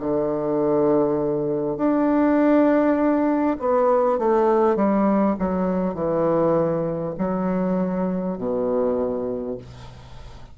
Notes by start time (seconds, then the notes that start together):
0.00 D3
1.78 D4
3.60 B3
4.19 A3
4.76 G3
5.39 F#3
5.95 E3
7.19 F#3
8.38 B2